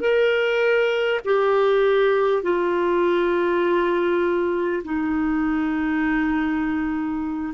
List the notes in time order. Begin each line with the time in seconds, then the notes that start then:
0.00 A#4
1.24 G4
2.43 F4
4.84 D#4